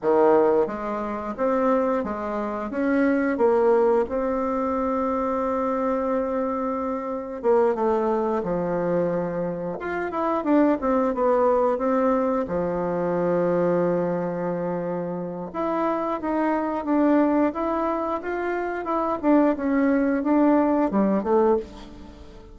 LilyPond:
\new Staff \with { instrumentName = "bassoon" } { \time 4/4 \tempo 4 = 89 dis4 gis4 c'4 gis4 | cis'4 ais4 c'2~ | c'2. ais8 a8~ | a8 f2 f'8 e'8 d'8 |
c'8 b4 c'4 f4.~ | f2. e'4 | dis'4 d'4 e'4 f'4 | e'8 d'8 cis'4 d'4 g8 a8 | }